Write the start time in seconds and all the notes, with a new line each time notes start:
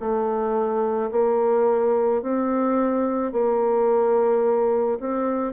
0.00 A3
1.11 A#3
2.22 C4
3.32 A#3
5.00 C4